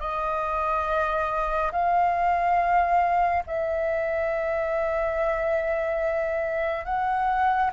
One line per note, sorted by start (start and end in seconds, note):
0.00 1.71 D#5
1.72 3.44 F5
3.47 6.85 E5
6.85 7.71 F#5